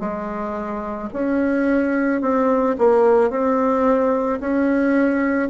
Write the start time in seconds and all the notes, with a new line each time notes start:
0.00 G#3
1.13 C#4
2.22 C4
2.78 A#3
3.30 C4
4.40 C#4